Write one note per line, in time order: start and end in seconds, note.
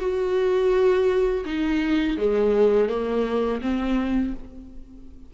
0.00 1.45 F#4
1.45 2.18 D#4
2.18 2.89 G#3
2.89 3.61 A#3
3.61 4.34 C4